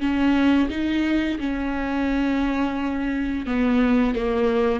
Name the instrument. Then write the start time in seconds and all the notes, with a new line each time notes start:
viola
0.00 C#4
0.69 D#4
1.39 C#4
3.46 B3
4.15 A#3